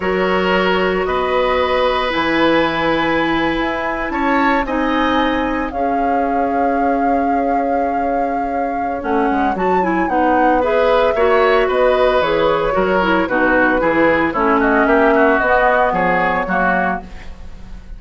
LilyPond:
<<
  \new Staff \with { instrumentName = "flute" } { \time 4/4 \tempo 4 = 113 cis''2 dis''2 | gis''2.~ gis''8. a''16~ | a''8. gis''2 f''4~ f''16~ | f''1~ |
f''4 fis''4 a''8 gis''8 fis''4 | e''2 dis''4 cis''4~ | cis''4 b'2 cis''8 dis''8 | e''4 dis''4 cis''2 | }
  \new Staff \with { instrumentName = "oboe" } { \time 4/4 ais'2 b'2~ | b'2.~ b'8. cis''16~ | cis''8. dis''2 cis''4~ cis''16~ | cis''1~ |
cis''1 | b'4 cis''4 b'2 | ais'4 fis'4 gis'4 e'8 fis'8 | g'8 fis'4. gis'4 fis'4 | }
  \new Staff \with { instrumentName = "clarinet" } { \time 4/4 fis'1 | e'1~ | e'8. dis'2 gis'4~ gis'16~ | gis'1~ |
gis'4 cis'4 fis'8 e'8 dis'4 | gis'4 fis'2 gis'4 | fis'8 e'8 dis'4 e'4 cis'4~ | cis'4 b2 ais4 | }
  \new Staff \with { instrumentName = "bassoon" } { \time 4/4 fis2 b2 | e2~ e8. e'4 cis'16~ | cis'8. c'2 cis'4~ cis'16~ | cis'1~ |
cis'4 a8 gis8 fis4 b4~ | b4 ais4 b4 e4 | fis4 b,4 e4 a4 | ais4 b4 f4 fis4 | }
>>